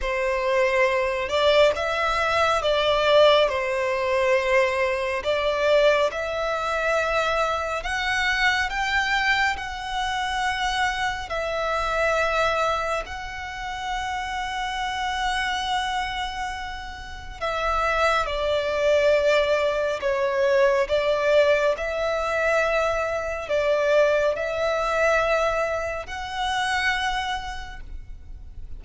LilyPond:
\new Staff \with { instrumentName = "violin" } { \time 4/4 \tempo 4 = 69 c''4. d''8 e''4 d''4 | c''2 d''4 e''4~ | e''4 fis''4 g''4 fis''4~ | fis''4 e''2 fis''4~ |
fis''1 | e''4 d''2 cis''4 | d''4 e''2 d''4 | e''2 fis''2 | }